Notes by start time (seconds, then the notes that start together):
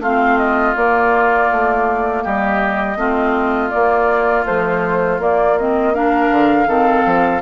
0.00 A3 C4 F4 F5
0.38 D#5
0.76 A#3 D5
1.51 A3
2.24 G3 G4 D#5
2.97 A3 C4 F4
3.70 A#3 D5
4.45 F3 A3 C5
5.19 A#3 D5
5.59 C4 D#5
5.94 D4 A#4 F5
6.31 D3
6.67 D#3 C4 A4
7.06 F3